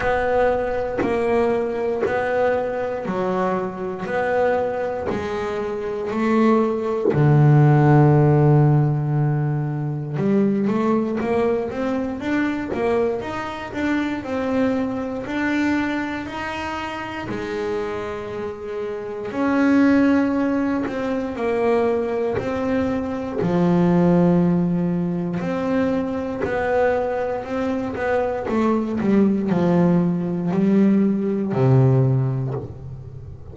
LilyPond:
\new Staff \with { instrumentName = "double bass" } { \time 4/4 \tempo 4 = 59 b4 ais4 b4 fis4 | b4 gis4 a4 d4~ | d2 g8 a8 ais8 c'8 | d'8 ais8 dis'8 d'8 c'4 d'4 |
dis'4 gis2 cis'4~ | cis'8 c'8 ais4 c'4 f4~ | f4 c'4 b4 c'8 b8 | a8 g8 f4 g4 c4 | }